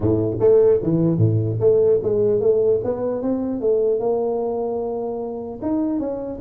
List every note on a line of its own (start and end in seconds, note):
0.00 0.38 A2
0.39 0.79 A3
0.83 1.17 E3
1.17 1.57 A2
1.59 1.99 A3
2.03 2.40 G#3
2.40 2.80 A3
2.84 3.21 B3
3.21 3.61 C4
3.61 3.99 A3
3.99 5.59 A#3
5.62 5.99 D#4
5.99 6.39 C#4